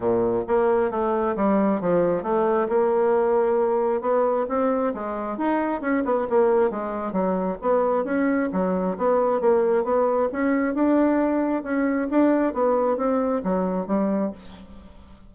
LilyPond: \new Staff \with { instrumentName = "bassoon" } { \time 4/4 \tempo 4 = 134 ais,4 ais4 a4 g4 | f4 a4 ais2~ | ais4 b4 c'4 gis4 | dis'4 cis'8 b8 ais4 gis4 |
fis4 b4 cis'4 fis4 | b4 ais4 b4 cis'4 | d'2 cis'4 d'4 | b4 c'4 fis4 g4 | }